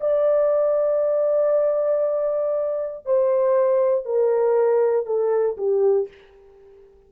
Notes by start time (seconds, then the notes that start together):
0.00 D5
3.06 C5
4.05 A#4
5.06 A4
5.57 G4